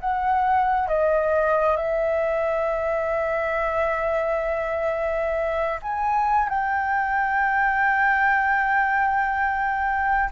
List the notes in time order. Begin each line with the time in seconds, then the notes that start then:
0.00 F#5
0.88 D#5
1.77 E5
5.82 G#5
6.49 G5